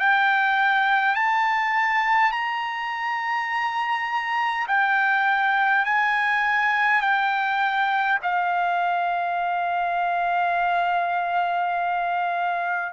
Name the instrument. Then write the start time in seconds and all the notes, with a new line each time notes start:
trumpet
0.00 G5
1.16 A5
2.32 A#5
4.68 G5
5.86 G#5
7.02 G5
8.23 F5